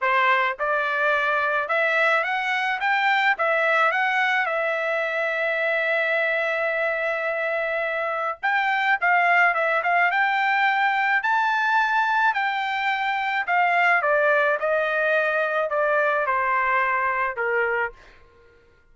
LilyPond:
\new Staff \with { instrumentName = "trumpet" } { \time 4/4 \tempo 4 = 107 c''4 d''2 e''4 | fis''4 g''4 e''4 fis''4 | e''1~ | e''2. g''4 |
f''4 e''8 f''8 g''2 | a''2 g''2 | f''4 d''4 dis''2 | d''4 c''2 ais'4 | }